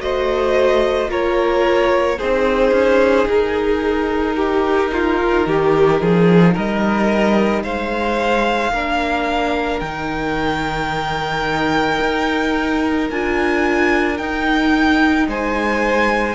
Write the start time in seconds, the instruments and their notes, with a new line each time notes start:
0.00 cello A3, viola F#4, violin C5 D#5
1.08 cello A#3, viola F4, violin A#4 C#5
2.19 cello C4, viola D#4, violin G#4 C5
2.72 cello C#4
3.27 cello D#4, violin A#4
4.37 violin G4
4.93 violin F4
5.47 cello D#3, violin G4
6.01 cello F3, violin G#4
6.54 cello G3, violin A#4 D#5
7.64 cello G#3, violin C5 F5
8.72 cello A#3, viola D4, violin A#4
9.80 cello D#3, viola D#4, violin G5
12.02 cello D#4
13.11 cello D4, viola F4, violin G#5
14.18 viola D#4, cello D#4, violin G5
15.28 cello G#3, violin C5 G#5